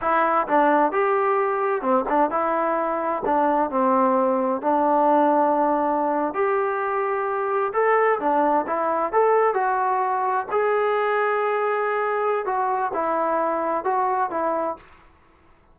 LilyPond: \new Staff \with { instrumentName = "trombone" } { \time 4/4 \tempo 4 = 130 e'4 d'4 g'2 | c'8 d'8 e'2 d'4 | c'2 d'2~ | d'4.~ d'16 g'2~ g'16~ |
g'8. a'4 d'4 e'4 a'16~ | a'8. fis'2 gis'4~ gis'16~ | gis'2. fis'4 | e'2 fis'4 e'4 | }